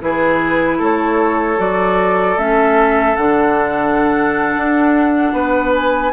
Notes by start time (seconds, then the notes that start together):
0.00 E3 E4 G#4 B4
0.78 A3 A4 C#5
1.57 F#3 F#4 D5
2.37 A3 C#4 E5
3.16 D3 D4 F#5
4.56 D4
5.33 B3 B4
5.75 G#5